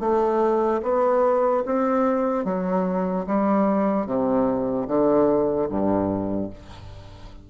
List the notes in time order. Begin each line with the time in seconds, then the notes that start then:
0.00 A3
0.83 B3
1.65 C4
2.45 F#3
3.27 G3
4.06 C3
4.88 D3
5.69 G2